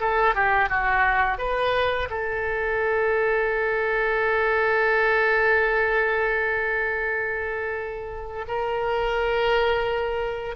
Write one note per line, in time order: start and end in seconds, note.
0.00 0.35 A4
0.35 0.69 G4
0.69 1.38 F#4
1.38 2.09 B4
2.10 8.45 A4
8.48 10.55 A#4